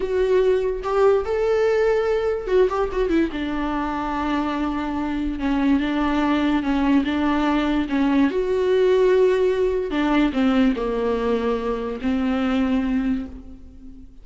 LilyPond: \new Staff \with { instrumentName = "viola" } { \time 4/4 \tempo 4 = 145 fis'2 g'4 a'4~ | a'2 fis'8 g'8 fis'8 e'8 | d'1~ | d'4 cis'4 d'2 |
cis'4 d'2 cis'4 | fis'1 | d'4 c'4 ais2~ | ais4 c'2. | }